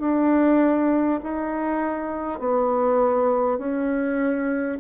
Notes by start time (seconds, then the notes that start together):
0.00 D4
1.23 D#4
2.39 B3
3.58 C#4